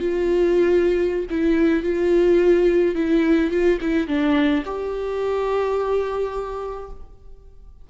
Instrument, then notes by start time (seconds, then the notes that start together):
viola
0.00 F4
1.31 E4
1.84 F4
2.95 E4
3.51 F4
3.81 E4
4.08 D4
4.66 G4